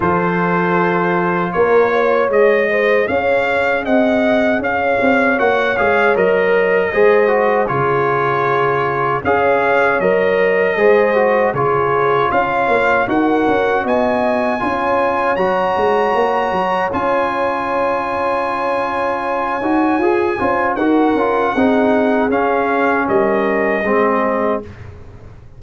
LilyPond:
<<
  \new Staff \with { instrumentName = "trumpet" } { \time 4/4 \tempo 4 = 78 c''2 cis''4 dis''4 | f''4 fis''4 f''4 fis''8 f''8 | dis''2 cis''2 | f''4 dis''2 cis''4 |
f''4 fis''4 gis''2 | ais''2 gis''2~ | gis''2. fis''4~ | fis''4 f''4 dis''2 | }
  \new Staff \with { instrumentName = "horn" } { \time 4/4 a'2 ais'8 cis''4 c''8 | cis''4 dis''4 cis''2~ | cis''4 c''4 gis'2 | cis''2 c''4 gis'4 |
cis''4 ais'4 dis''4 cis''4~ | cis''1~ | cis''2~ cis''8 c''8 ais'4 | gis'2 ais'4 gis'4 | }
  \new Staff \with { instrumentName = "trombone" } { \time 4/4 f'2. gis'4~ | gis'2. fis'8 gis'8 | ais'4 gis'8 fis'8 f'2 | gis'4 ais'4 gis'8 fis'8 f'4~ |
f'4 fis'2 f'4 | fis'2 f'2~ | f'4. fis'8 gis'8 f'8 fis'8 f'8 | dis'4 cis'2 c'4 | }
  \new Staff \with { instrumentName = "tuba" } { \time 4/4 f2 ais4 gis4 | cis'4 c'4 cis'8 c'8 ais8 gis8 | fis4 gis4 cis2 | cis'4 fis4 gis4 cis4 |
cis'8 ais8 dis'8 cis'8 b4 cis'4 | fis8 gis8 ais8 fis8 cis'2~ | cis'4. dis'8 f'8 cis'8 dis'8 cis'8 | c'4 cis'4 g4 gis4 | }
>>